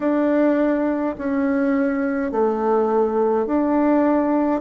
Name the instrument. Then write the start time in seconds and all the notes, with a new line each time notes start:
bassoon
0.00 D4
1.18 C#4
2.31 A3
3.46 D4